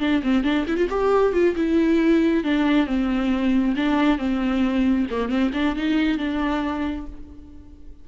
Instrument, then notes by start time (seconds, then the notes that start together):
viola
0.00 D4
0.23 C4
0.44 D4
0.67 E4
0.77 F4
0.90 G4
1.33 F4
1.56 E4
2.44 D4
2.86 C4
3.76 D4
4.18 C4
5.11 A#3
5.29 C4
5.53 D4
5.76 D#4
6.18 D4